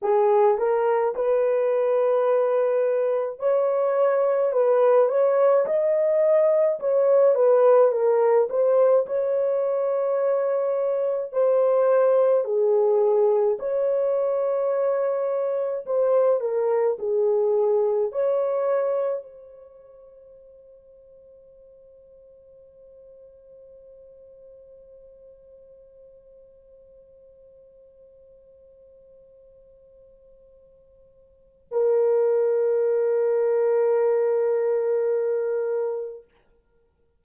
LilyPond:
\new Staff \with { instrumentName = "horn" } { \time 4/4 \tempo 4 = 53 gis'8 ais'8 b'2 cis''4 | b'8 cis''8 dis''4 cis''8 b'8 ais'8 c''8 | cis''2 c''4 gis'4 | cis''2 c''8 ais'8 gis'4 |
cis''4 c''2.~ | c''1~ | c''1 | ais'1 | }